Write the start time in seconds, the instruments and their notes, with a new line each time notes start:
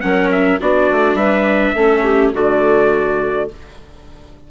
0.00 bassoon F#3, viola C#4, clarinet A#4, trumpet F#5
0.31 trumpet E5
0.60 bassoon B3, viola D4, clarinet F#4, trumpet D5
0.91 bassoon A3
1.14 bassoon G3, clarinet B4, trumpet E5
1.75 bassoon A3, viola C#4, clarinet A4
2.03 clarinet G4
2.32 bassoon D3, viola A3, clarinet F#4, trumpet D5